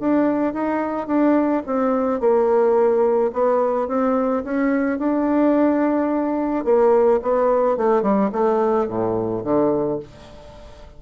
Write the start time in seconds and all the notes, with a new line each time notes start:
0.00 D4
0.54 D#4
1.07 D4
1.66 C4
2.20 A#3
3.33 B3
3.88 C4
4.44 C#4
4.99 D4
6.64 A#3
7.22 B3
7.77 A3
8.02 G3
8.32 A3
8.88 A2
9.44 D3